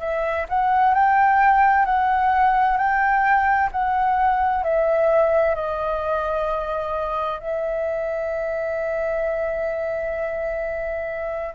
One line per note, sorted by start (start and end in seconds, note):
0.00 0.46 E5
0.49 0.94 F#5
0.94 1.85 G5
1.85 2.77 F#5
2.77 3.70 G5
3.72 4.63 F#5
4.63 5.55 E5
5.55 7.40 D#5
7.40 11.55 E5